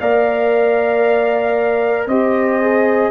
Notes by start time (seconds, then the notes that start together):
0.00 A#3 A#4 D5 F5
2.06 C4 G4 C5 D#5
2.62 G#4